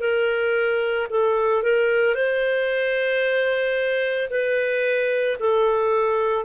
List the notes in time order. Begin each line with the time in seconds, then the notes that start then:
0.00 A#4
1.10 A4
1.63 A#4
2.14 C5
4.30 B4
5.39 A4